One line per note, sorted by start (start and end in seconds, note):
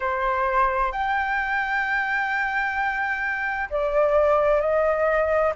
0.00 0.92 C5
0.92 3.69 G5
3.69 4.60 D5
4.60 5.53 D#5